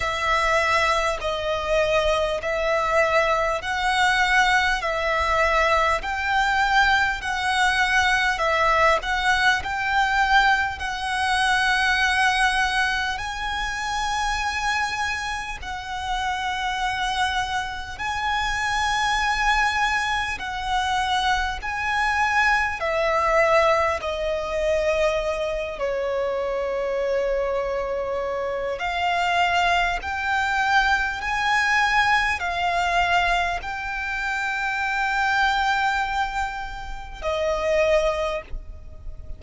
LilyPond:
\new Staff \with { instrumentName = "violin" } { \time 4/4 \tempo 4 = 50 e''4 dis''4 e''4 fis''4 | e''4 g''4 fis''4 e''8 fis''8 | g''4 fis''2 gis''4~ | gis''4 fis''2 gis''4~ |
gis''4 fis''4 gis''4 e''4 | dis''4. cis''2~ cis''8 | f''4 g''4 gis''4 f''4 | g''2. dis''4 | }